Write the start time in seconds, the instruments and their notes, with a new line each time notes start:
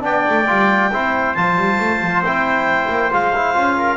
0.00 double bass B3, trombone D4, trumpet D5, clarinet G5
0.29 double bass A3
0.47 double bass G3, trombone F4
0.92 double bass C4, trombone E4, trumpet C5
1.35 double bass F3, trombone F4, clarinet A5
1.57 double bass G3
1.79 double bass A3
2.02 double bass F3
2.20 double bass C4, trombone E4, clarinet G5
2.89 double bass A#3
3.11 double bass G#3, trombone F4, clarinet F5
3.35 trombone E4
3.55 double bass C#4, trombone F4
3.78 trumpet A#4